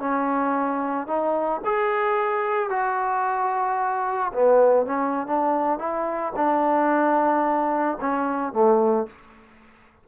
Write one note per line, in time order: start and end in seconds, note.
0.00 1.08 C#4
1.08 1.62 D#4
1.65 2.70 G#4
2.70 4.32 F#4
4.33 4.87 B3
4.87 5.27 C#4
5.28 5.79 D4
5.79 6.33 E4
6.36 7.99 D4
8.01 8.53 C#4
8.53 9.07 A3